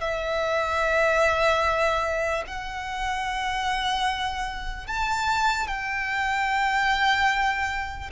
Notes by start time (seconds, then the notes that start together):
0.00 E5
2.47 F#5
4.87 A5
5.67 G5